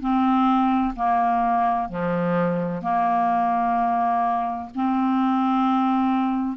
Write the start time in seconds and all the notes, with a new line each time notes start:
0.00 C4
0.95 A#3
1.89 F3
2.82 A#3
4.75 C4